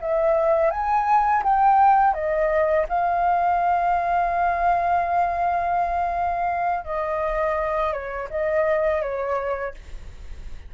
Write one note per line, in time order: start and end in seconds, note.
0.00 0.70 E5
0.70 1.43 G#5
1.43 2.14 G5
2.14 2.86 D#5
2.88 6.84 F5
6.84 7.92 D#5
7.92 8.28 C#5
8.29 9.02 D#5
9.02 9.74 C#5